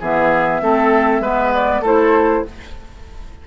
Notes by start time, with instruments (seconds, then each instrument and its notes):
0.00 bassoon E3, clarinet B3, oboe G#4, flute E5
0.61 bassoon A3, clarinet C4, oboe A4
1.20 bassoon G#3, clarinet B3, oboe B4
1.54 flute D5
1.82 bassoon A3, clarinet E4, oboe A4, flute C5